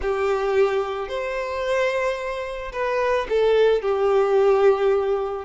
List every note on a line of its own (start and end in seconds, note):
0.01 1.08 G4
1.08 2.72 C5
2.72 3.27 B4
3.29 3.82 A4
3.82 5.45 G4